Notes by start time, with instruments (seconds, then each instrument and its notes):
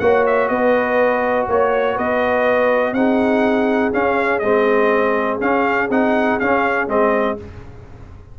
0.00 tuba A#3, trombone F#4, horn C#5, trumpet F#5
0.27 trumpet E5
0.49 tuba B3, horn B4, trumpet D#5
1.48 tuba A#3, horn C#5, trumpet C#5
1.94 tuba B3, horn B4, trumpet D#5
2.93 tuba C4, trombone D#4, horn G#4, trumpet F#5
3.93 trombone C#4, tuba C#4, trumpet F5
4.40 tuba G#3, trombone C4, trumpet D#5
5.41 trombone C#4, tuba C#4, trumpet F5
5.90 tuba C4, trombone D#4, trumpet F#5
6.40 tuba C#4, trombone C#4, trumpet F5
6.88 tuba G#3, trombone C4, trumpet D#5